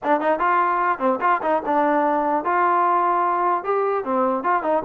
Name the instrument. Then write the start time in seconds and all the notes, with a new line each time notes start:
trombone
0.03 D4
0.20 D#4
0.39 F4
0.99 C4
1.20 F4
1.42 D#4
1.65 D4
2.44 F4
3.64 G4
4.04 C4
4.43 F4
4.62 D#4